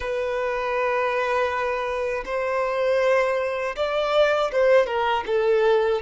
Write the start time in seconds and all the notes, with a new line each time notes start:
0.00 B4
2.25 C5
3.76 D5
4.52 C5
4.86 A#4
5.26 A4